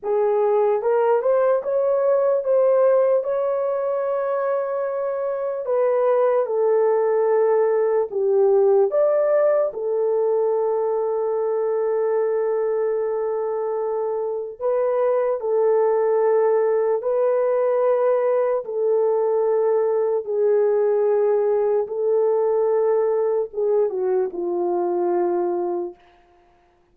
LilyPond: \new Staff \with { instrumentName = "horn" } { \time 4/4 \tempo 4 = 74 gis'4 ais'8 c''8 cis''4 c''4 | cis''2. b'4 | a'2 g'4 d''4 | a'1~ |
a'2 b'4 a'4~ | a'4 b'2 a'4~ | a'4 gis'2 a'4~ | a'4 gis'8 fis'8 f'2 | }